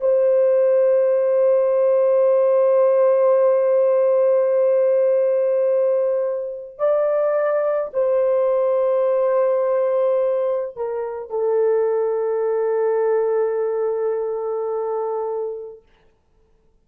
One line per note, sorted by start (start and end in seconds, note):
0.00 6.78 C5
6.78 7.91 D5
7.93 10.76 C5
10.76 11.30 A#4
11.30 15.82 A4